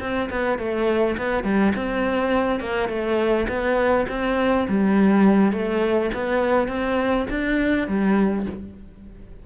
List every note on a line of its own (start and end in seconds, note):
0.00 0.29 C4
0.30 0.59 B3
0.59 1.17 A3
1.18 1.44 B3
1.44 1.73 G3
1.76 2.60 C4
2.60 2.89 A#3
2.89 3.47 A3
3.48 4.06 B3
4.09 4.67 C4
4.68 5.52 G3
5.52 6.10 A3
6.14 6.68 B3
6.68 7.26 C4
7.30 7.88 D4
7.88 8.46 G3